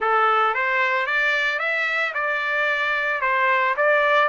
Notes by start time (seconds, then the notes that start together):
0.00 A4
0.54 C5
1.06 D5
1.59 E5
2.14 D5
3.21 C5
3.76 D5